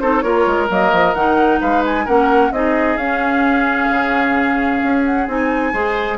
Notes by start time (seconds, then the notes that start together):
0.00 C4 D#4 A4 C5
0.22 A#3 F4 A#4 C#5
0.47 G#3
0.69 F#3 A#3 D#5
0.93 F3
1.15 D#3 D#4 F#5
1.61 G#3 B4 F5
1.86 G#5
2.06 A#3 C#4 A#4 F#5
2.52 C4 D#4 G#4 D#5
2.97 C#4 F5
3.91 C#3
4.84 C#4
5.06 F#5
5.28 C4 D#4 G#5
5.74 G#3 G#4 C5